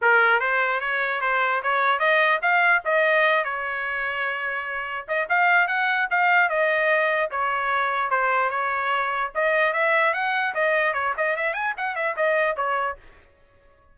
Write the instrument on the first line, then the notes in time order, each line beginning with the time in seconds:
trumpet
0.01 A#4
0.40 C5
0.80 C#5
1.21 C5
1.63 C#5
1.99 D#5
2.42 F5
2.84 D#5
3.44 C#5
5.07 D#5
5.29 F5
5.67 F#5
6.10 F5
6.49 D#5
7.30 C#5
8.10 C5
8.50 C#5
9.34 D#5
9.73 E5
10.13 F#5
10.54 D#5
10.93 C#5
11.17 D#5
11.36 E5
11.53 G#5
11.77 F#5
11.95 E5
12.16 D#5
12.56 C#5